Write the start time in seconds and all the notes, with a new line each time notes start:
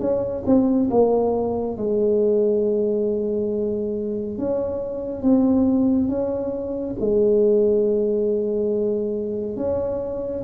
0.00 C#4
0.46 C4
0.91 A#3
1.77 G#3
4.38 C#4
5.23 C4
6.09 C#4
7.00 G#3
9.57 C#4